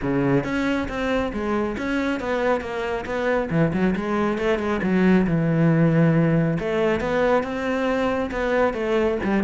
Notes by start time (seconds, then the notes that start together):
0.02 C#3
0.44 C#4
0.88 C4
1.32 G#3
1.77 C#4
2.20 B3
2.61 A#3
3.05 B3
3.50 E3
3.73 F#3
3.95 G#3
4.38 A3
4.58 G#3
4.82 F#3
5.26 E3
6.59 A3
7.00 B3
7.43 C4
8.31 B3
8.73 A3
9.23 G3